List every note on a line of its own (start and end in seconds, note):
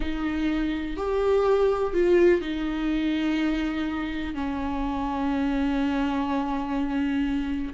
0.00 0.96 D#4
0.96 1.93 G4
1.93 2.41 F4
2.41 4.34 D#4
4.34 7.73 C#4